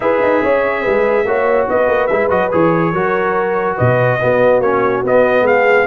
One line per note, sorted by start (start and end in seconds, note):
0.00 0.21 E4
0.00 1.26 G#4
0.00 0.43 B4
0.00 1.67 E5
0.22 0.43 D#4
0.43 0.85 C#4
0.43 0.82 C#5
0.82 1.25 G#3
0.82 1.24 B4
1.25 1.67 A#3
1.25 2.10 F#4
1.25 1.68 C#5
1.68 1.87 B3
1.68 2.92 B4
1.68 2.06 D#5
1.87 2.08 A#3
2.06 2.30 G#3
2.06 2.29 E4
2.06 2.27 E5
2.29 2.51 F#3
2.29 2.50 F#4
2.29 2.51 D#5
2.51 2.93 E3
2.51 2.93 G#4
2.51 3.77 C#5
2.92 3.76 F#3
2.92 4.20 F#4
2.92 3.75 A#4
3.75 4.22 B2
3.75 4.17 B4
3.75 4.61 D#5
4.20 4.62 B3
4.20 4.59 B3
4.20 5.45 F#4
4.59 5.01 A#3
4.59 5.04 C#4
4.59 5.03 C#5
5.03 5.41 B3
5.03 5.86 B3
5.03 5.46 D#5
5.41 5.83 G#3
5.41 5.86 G#4
5.41 5.86 F5